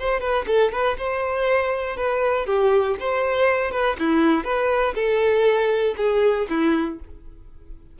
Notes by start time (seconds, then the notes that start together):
0.00 C5
0.21 B4
0.47 A4
0.72 B4
0.98 C5
1.97 B4
2.47 G4
3.00 C5
3.72 B4
4.00 E4
4.45 B4
4.95 A4
5.97 G#4
6.50 E4